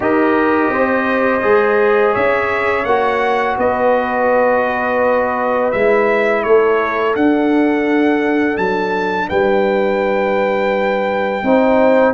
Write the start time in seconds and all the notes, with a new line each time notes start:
0.00 D#4 G4 A#4 D#5
0.69 C4 C5
1.41 G#3 G#4
2.12 C#4 C#5 E5
2.84 A#3 F#4 F#5
3.57 B3 B4 D#5
5.71 G#3 E4 E5
6.43 A3 A4 C#5
7.15 D4 F#5
8.57 F#3 A5
9.28 G3 B4 G5
11.42 C4 D#4 C5